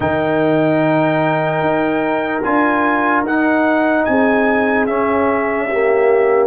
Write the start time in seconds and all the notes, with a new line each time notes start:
0.00 D#3 D#4 A#4 G5
1.60 D#4
2.42 D4 F4 G#5
3.23 D#4 F#5
4.04 C4 G#4 G#5
4.86 C#4 E5
5.68 A#3 G4